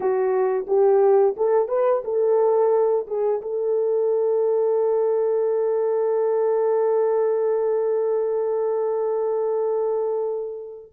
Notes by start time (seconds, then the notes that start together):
0.00 F#4
0.67 G4
1.36 A4
1.68 B4
2.04 A4
3.07 G#4
3.41 A4